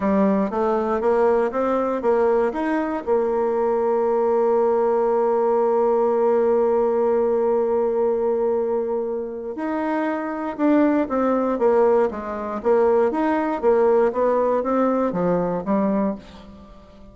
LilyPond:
\new Staff \with { instrumentName = "bassoon" } { \time 4/4 \tempo 4 = 119 g4 a4 ais4 c'4 | ais4 dis'4 ais2~ | ais1~ | ais1~ |
ais2. dis'4~ | dis'4 d'4 c'4 ais4 | gis4 ais4 dis'4 ais4 | b4 c'4 f4 g4 | }